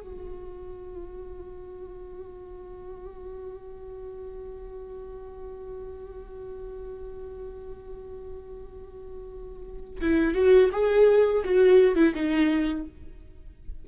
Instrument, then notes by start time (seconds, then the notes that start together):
viola
0.00 F#4
10.01 E4
10.34 F#4
10.71 G#4
11.44 F#4
11.95 E4
12.15 D#4